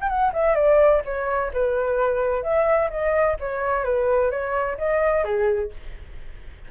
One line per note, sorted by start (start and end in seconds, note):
0.00 0.08 G5
0.08 0.32 F#5
0.33 0.55 E5
0.55 1.01 D5
1.05 1.51 C#5
1.53 2.42 B4
2.42 2.89 E5
2.90 3.36 D#5
3.39 3.84 C#5
3.84 4.30 B4
4.31 4.77 C#5
4.77 5.24 D#5
5.24 5.70 G#4